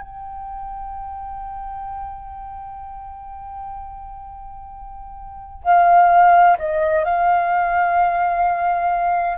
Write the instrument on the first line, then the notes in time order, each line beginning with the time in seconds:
flute
0.00 G5
5.63 F5
6.58 D#5
7.04 F5